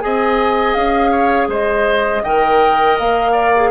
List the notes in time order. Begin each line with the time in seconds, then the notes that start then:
0.00 C4 G#4 D#5 G#5
0.74 C#4 F5
1.11 C#5
1.48 G#3 C5 D#5
2.23 D#3 A#4 D#5 G5
2.98 A#3 F5
3.32 D5
3.56 G#4